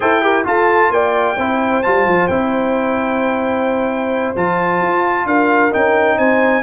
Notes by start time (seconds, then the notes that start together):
0.00 E4 A4 C5 G5
0.21 G4 A#4
0.44 F4 A4 A5
0.90 A#3 D5 G5
1.36 C4 E4 C5
1.82 G3 F4 A5
2.06 F3
2.27 C4 E4 G5
4.36 F3 F4 A5
4.81 F4
5.25 D4 A#4 F5
5.71 C#4 D#4 G5
6.17 C4 C5 G#5